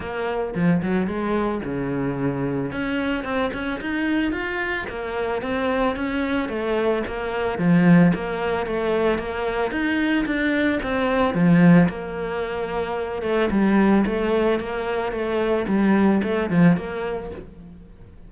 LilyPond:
\new Staff \with { instrumentName = "cello" } { \time 4/4 \tempo 4 = 111 ais4 f8 fis8 gis4 cis4~ | cis4 cis'4 c'8 cis'8 dis'4 | f'4 ais4 c'4 cis'4 | a4 ais4 f4 ais4 |
a4 ais4 dis'4 d'4 | c'4 f4 ais2~ | ais8 a8 g4 a4 ais4 | a4 g4 a8 f8 ais4 | }